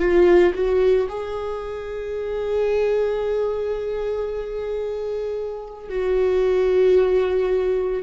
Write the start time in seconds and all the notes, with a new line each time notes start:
0.00 F4
0.55 F#4
1.09 G#4
5.90 F#4